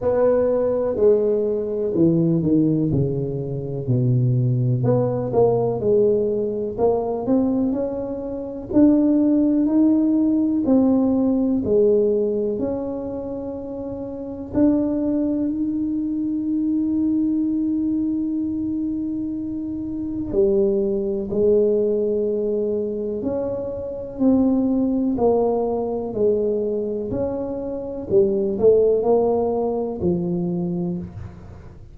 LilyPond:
\new Staff \with { instrumentName = "tuba" } { \time 4/4 \tempo 4 = 62 b4 gis4 e8 dis8 cis4 | b,4 b8 ais8 gis4 ais8 c'8 | cis'4 d'4 dis'4 c'4 | gis4 cis'2 d'4 |
dis'1~ | dis'4 g4 gis2 | cis'4 c'4 ais4 gis4 | cis'4 g8 a8 ais4 f4 | }